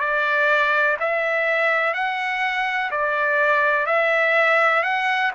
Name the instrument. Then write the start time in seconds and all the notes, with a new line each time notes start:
trumpet
0.00 D5
1.00 E5
1.94 F#5
2.91 D5
3.86 E5
4.83 F#5